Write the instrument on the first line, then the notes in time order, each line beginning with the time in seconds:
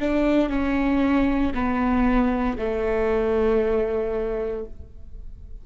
viola
0.00 D4
0.49 C#4
1.54 B3
2.58 A3